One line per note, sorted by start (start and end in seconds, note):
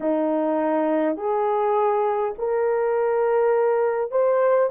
0.00 1.16 D#4
1.16 2.34 G#4
2.38 4.11 A#4
4.11 4.70 C5